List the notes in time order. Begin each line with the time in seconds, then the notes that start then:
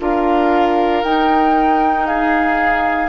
0.00 D4 F4 A#4 F5
1.04 D#4 G5
2.07 G#4 F5